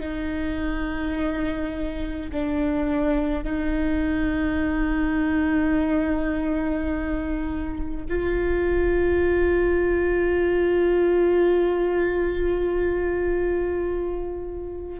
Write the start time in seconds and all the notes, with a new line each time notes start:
0.00 D#4
2.32 D4
3.44 D#4
8.09 F4